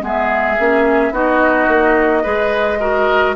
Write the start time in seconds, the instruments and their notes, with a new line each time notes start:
0.00 bassoon G#3, clarinet B3, oboe G#4, flute E5
0.59 bassoon A#3, clarinet C#4
1.11 bassoon B3, clarinet D#4, oboe F#4, flute D#5
1.68 bassoon A#3
2.23 bassoon G#3, clarinet G#4, oboe B4
2.80 clarinet F#4, oboe A#4